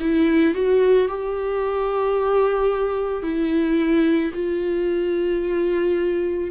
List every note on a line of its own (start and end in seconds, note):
0.00 0.54 E4
0.54 1.08 F#4
1.08 3.22 G4
3.22 4.31 E4
4.33 6.51 F4